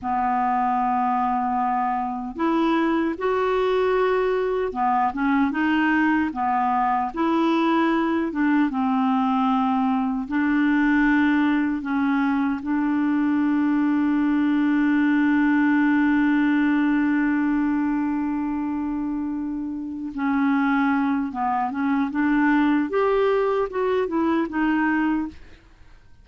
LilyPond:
\new Staff \with { instrumentName = "clarinet" } { \time 4/4 \tempo 4 = 76 b2. e'4 | fis'2 b8 cis'8 dis'4 | b4 e'4. d'8 c'4~ | c'4 d'2 cis'4 |
d'1~ | d'1~ | d'4. cis'4. b8 cis'8 | d'4 g'4 fis'8 e'8 dis'4 | }